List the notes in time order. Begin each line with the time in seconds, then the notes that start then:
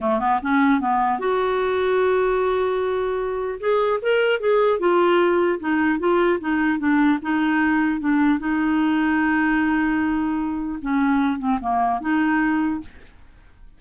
0.00 A3
0.19 B3
0.42 C#4
0.80 B3
1.19 F#4
3.60 G#4
4.01 A#4
4.40 G#4
4.79 F4
5.59 D#4
5.99 F4
6.40 D#4
6.78 D4
7.21 D#4
8.00 D4
8.39 D#4
10.81 C#4
11.39 C4
11.60 A#3
12.00 D#4